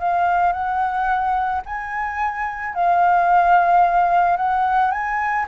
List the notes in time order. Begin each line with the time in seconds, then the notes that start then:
0.00 F5
0.53 F#5
1.66 G#5
2.75 F5
4.37 F#5
4.92 G#5